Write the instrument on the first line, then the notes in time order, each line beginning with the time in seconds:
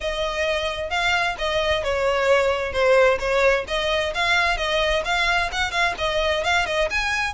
violin
0.00 D#5
0.89 F5
1.38 D#5
1.83 C#5
2.72 C5
3.19 C#5
3.67 D#5
4.14 F5
4.57 D#5
5.04 F5
5.52 F#5
5.71 F5
5.98 D#5
6.44 F5
6.65 D#5
6.90 G#5